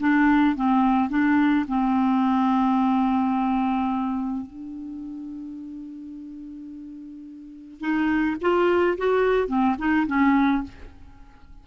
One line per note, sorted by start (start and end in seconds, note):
0.00 0.56 D4
0.56 1.09 C4
1.09 1.65 D4
1.68 4.46 C4
4.46 7.80 D4
7.80 8.36 D#4
8.41 8.97 F4
8.98 9.47 F#4
9.47 9.75 C4
9.79 10.07 D#4
10.07 10.63 C#4